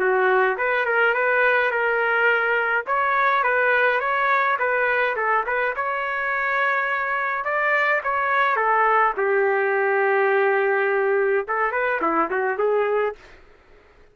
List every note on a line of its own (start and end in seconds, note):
0.00 0.57 F#4
0.58 0.86 B4
0.86 1.14 A#4
1.14 1.71 B4
1.71 2.85 A#4
2.86 3.44 C#5
3.44 4.00 B4
4.00 4.58 C#5
4.59 5.16 B4
5.16 5.45 A4
5.46 5.75 B4
5.76 7.45 C#5
7.45 8.02 D5
8.03 8.56 C#5
8.56 9.14 A4
9.17 11.46 G4
11.48 11.72 A4
11.72 12.01 B4
12.01 12.30 E4
12.30 12.58 F#4
12.58 13.16 G#4